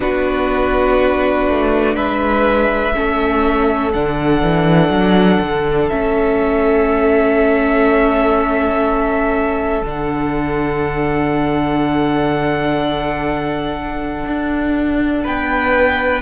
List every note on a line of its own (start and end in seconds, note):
0.00 1.48 B3
0.00 2.93 D4
0.00 1.95 F#4
0.00 1.95 B4
1.48 1.96 A3
1.95 2.94 G#3
1.95 2.93 B4
1.95 3.92 E5
2.93 3.94 A3
2.93 3.92 C#4
2.93 15.24 A4
3.92 4.41 D3
3.92 5.89 D4
3.92 5.89 F#5
4.41 4.89 E3
4.89 5.38 F#3
5.40 5.89 D3
5.89 9.82 A3
5.89 9.83 C#4
5.89 9.82 E5
9.82 14.25 D3
9.82 16.21 D4
9.82 15.26 F#5
14.26 15.24 D4
15.24 16.21 B3
15.24 16.21 B4
15.24 16.21 G5